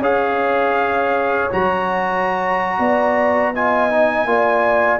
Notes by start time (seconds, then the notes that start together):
0.00 C#4 G#4 C#5 F5
1.51 F#3 F#4 A#5
2.78 B3 D5
3.54 F4 D#5 G#5
3.90 D#4
4.26 A#3 F4 D5